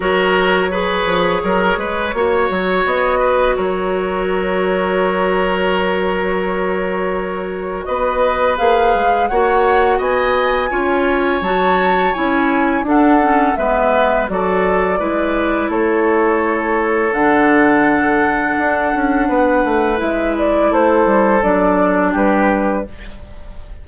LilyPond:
<<
  \new Staff \with { instrumentName = "flute" } { \time 4/4 \tempo 4 = 84 cis''1 | dis''4 cis''2.~ | cis''2. dis''4 | f''4 fis''4 gis''2 |
a''4 gis''4 fis''4 e''4 | d''2 cis''2 | fis''1 | e''8 d''8 c''4 d''4 b'4 | }
  \new Staff \with { instrumentName = "oboe" } { \time 4/4 ais'4 b'4 ais'8 b'8 cis''4~ | cis''8 b'8 ais'2.~ | ais'2. b'4~ | b'4 cis''4 dis''4 cis''4~ |
cis''2 a'4 b'4 | a'4 b'4 a'2~ | a'2. b'4~ | b'4 a'2 g'4 | }
  \new Staff \with { instrumentName = "clarinet" } { \time 4/4 fis'4 gis'2 fis'4~ | fis'1~ | fis'1 | gis'4 fis'2 f'4 |
fis'4 e'4 d'8 cis'8 b4 | fis'4 e'2. | d'1 | e'2 d'2 | }
  \new Staff \with { instrumentName = "bassoon" } { \time 4/4 fis4. f8 fis8 gis8 ais8 fis8 | b4 fis2.~ | fis2. b4 | ais8 gis8 ais4 b4 cis'4 |
fis4 cis'4 d'4 gis4 | fis4 gis4 a2 | d2 d'8 cis'8 b8 a8 | gis4 a8 g8 fis4 g4 | }
>>